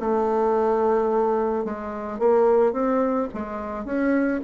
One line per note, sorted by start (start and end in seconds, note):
0.00 1.64 A3
1.64 2.19 G#3
2.19 2.72 A#3
2.72 3.28 C4
3.33 3.85 G#3
3.85 4.40 C#4